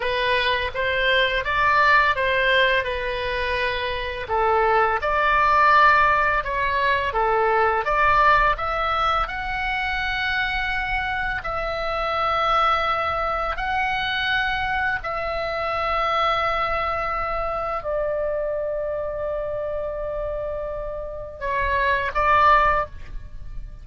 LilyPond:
\new Staff \with { instrumentName = "oboe" } { \time 4/4 \tempo 4 = 84 b'4 c''4 d''4 c''4 | b'2 a'4 d''4~ | d''4 cis''4 a'4 d''4 | e''4 fis''2. |
e''2. fis''4~ | fis''4 e''2.~ | e''4 d''2.~ | d''2 cis''4 d''4 | }